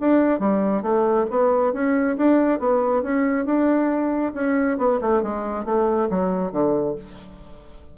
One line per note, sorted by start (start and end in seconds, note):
0.00 0.39 D4
0.39 0.82 G3
0.82 1.26 A3
1.30 1.73 B3
1.73 2.17 C#4
2.17 2.59 D4
2.59 3.02 B3
3.02 3.45 C#4
3.45 4.33 D4
4.34 4.78 C#4
4.78 5.00 B3
5.01 5.22 A3
5.22 5.65 G#3
5.65 6.09 A3
6.10 6.52 F#3
6.52 6.95 D3